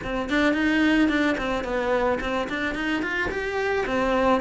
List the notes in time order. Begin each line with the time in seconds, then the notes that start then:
0.03 C4
0.29 D4
0.53 D#4
1.09 D4
1.37 C4
1.64 B3
2.20 C4
2.49 D4
2.74 D#4
3.02 F4
3.30 G4
3.86 C4